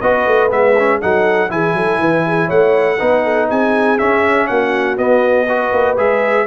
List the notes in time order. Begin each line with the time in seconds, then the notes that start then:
0.00 B3 F#4 B4 D#5
0.27 A3
0.50 G#3 B3 E5
0.79 C#4
1.01 F#3 D#4 A4 F#5
1.49 E3 E4 G#4 G#5
1.74 F#3 A4
1.99 E3 B4
2.27 G#4
2.46 A3 C#5 F#5
2.98 B3 D#4 B4
3.24 A4
3.50 C4 G#4 G#5
3.98 C#4 E5
4.47 A#3 F#4 F#5
4.97 B3 D#5
5.47 F#4 B4
5.73 A#3
5.97 G#3 G#4 E5